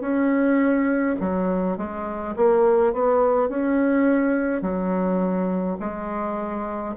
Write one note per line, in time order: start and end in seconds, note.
0.00 1.15 C#4
1.20 1.77 F#3
1.77 2.35 G#3
2.36 2.93 A#3
2.93 3.49 B3
3.49 4.62 C#4
4.62 5.77 F#3
5.80 6.95 G#3